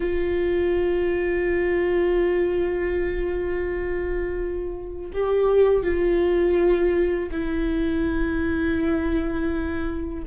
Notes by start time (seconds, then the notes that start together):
0.00 F4
5.13 G4
5.83 F4
7.31 E4